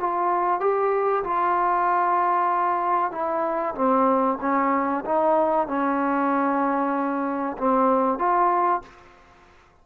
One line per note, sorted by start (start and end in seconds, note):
0.00 0.60 F4
0.60 1.23 G4
1.24 3.12 F4
3.12 3.75 E4
3.76 4.39 C4
4.41 5.04 C#4
5.06 5.68 D#4
5.68 7.57 C#4
7.58 8.19 C4
8.19 8.82 F4